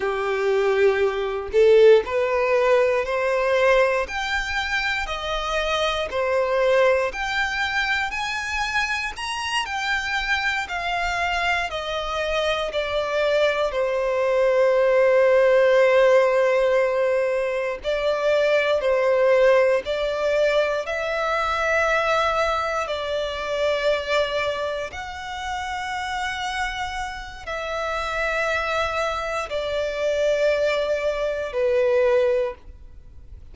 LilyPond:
\new Staff \with { instrumentName = "violin" } { \time 4/4 \tempo 4 = 59 g'4. a'8 b'4 c''4 | g''4 dis''4 c''4 g''4 | gis''4 ais''8 g''4 f''4 dis''8~ | dis''8 d''4 c''2~ c''8~ |
c''4. d''4 c''4 d''8~ | d''8 e''2 d''4.~ | d''8 fis''2~ fis''8 e''4~ | e''4 d''2 b'4 | }